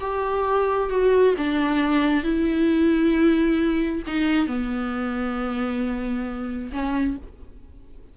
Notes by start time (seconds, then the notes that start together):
0.00 G4
0.90 F#4
1.37 D4
2.23 E4
4.07 D#4
4.47 B3
6.72 C#4